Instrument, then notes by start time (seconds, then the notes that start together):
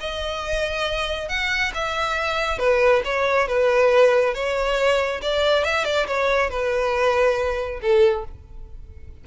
violin
0.00 D#5
1.28 F#5
1.74 E5
2.59 B4
3.05 C#5
3.48 B4
4.34 C#5
5.22 D5
5.64 E5
5.85 D5
6.07 C#5
6.50 B4
7.81 A4